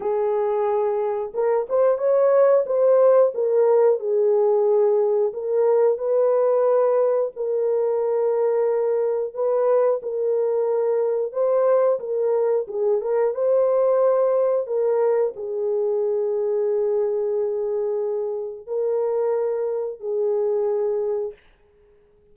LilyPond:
\new Staff \with { instrumentName = "horn" } { \time 4/4 \tempo 4 = 90 gis'2 ais'8 c''8 cis''4 | c''4 ais'4 gis'2 | ais'4 b'2 ais'4~ | ais'2 b'4 ais'4~ |
ais'4 c''4 ais'4 gis'8 ais'8 | c''2 ais'4 gis'4~ | gis'1 | ais'2 gis'2 | }